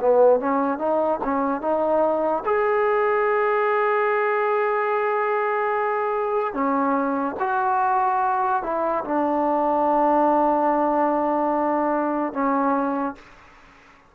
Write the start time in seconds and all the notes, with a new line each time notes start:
0.00 B3
0.40 C#4
0.78 D#4
1.24 C#4
1.61 D#4
2.45 G#4
6.53 C#4
7.39 F#4
8.63 E4
9.04 D4
12.33 C#4